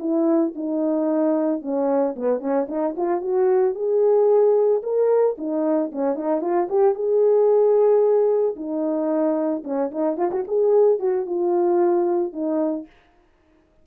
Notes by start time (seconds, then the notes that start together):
0.00 E4
0.55 D#4
1.62 C#4
2.16 B3
2.40 C#4
2.69 D#4
2.97 F4
3.21 F#4
3.75 G#4
4.83 A#4
5.38 D#4
5.92 C#4
6.15 D#4
6.42 F4
6.70 G4
6.95 G#4
8.56 D#4
9.64 C#4
9.91 D#4
10.18 F4
10.31 F#4
10.48 G#4
10.99 F#4
11.26 F4
12.33 D#4